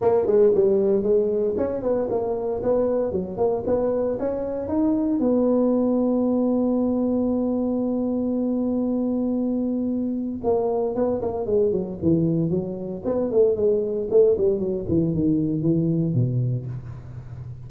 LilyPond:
\new Staff \with { instrumentName = "tuba" } { \time 4/4 \tempo 4 = 115 ais8 gis8 g4 gis4 cis'8 b8 | ais4 b4 fis8 ais8 b4 | cis'4 dis'4 b2~ | b1~ |
b1 | ais4 b8 ais8 gis8 fis8 e4 | fis4 b8 a8 gis4 a8 g8 | fis8 e8 dis4 e4 b,4 | }